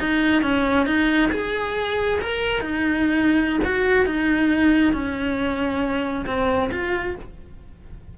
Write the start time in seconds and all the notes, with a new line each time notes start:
0.00 D#4
0.43 C#4
0.87 D#4
1.32 G#4
2.21 A#4
2.61 D#4
3.64 F#4
4.06 D#4
4.93 C#4
6.26 C4
6.72 F4